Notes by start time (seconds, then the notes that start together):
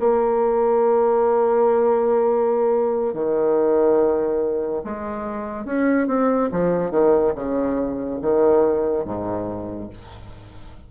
0.00 A#3
3.14 D#3
4.84 G#3
5.65 C#4
6.07 C4
6.52 F3
6.91 D#3
7.35 C#3
8.22 D#3
9.05 G#2